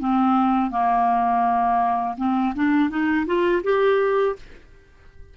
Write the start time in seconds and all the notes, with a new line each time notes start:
0.00 C4
0.71 A#3
2.18 C4
2.55 D4
2.90 D#4
3.27 F4
3.64 G4